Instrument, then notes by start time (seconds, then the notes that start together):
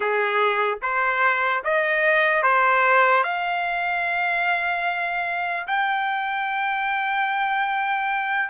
trumpet
0.00 G#4
0.82 C5
1.64 D#5
2.43 C5
3.23 F5
5.67 G5